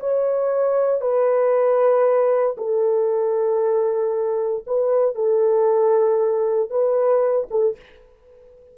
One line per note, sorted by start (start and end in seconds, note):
0.00 1.01 C#5
1.01 2.56 B4
2.58 4.65 A4
4.67 5.15 B4
5.15 6.71 A4
6.71 7.48 B4
7.51 7.77 A4